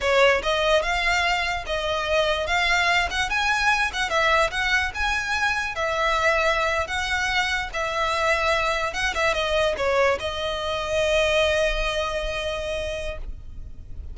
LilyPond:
\new Staff \with { instrumentName = "violin" } { \time 4/4 \tempo 4 = 146 cis''4 dis''4 f''2 | dis''2 f''4. fis''8 | gis''4. fis''8 e''4 fis''4 | gis''2 e''2~ |
e''8. fis''2 e''4~ e''16~ | e''4.~ e''16 fis''8 e''8 dis''4 cis''16~ | cis''8. dis''2.~ dis''16~ | dis''1 | }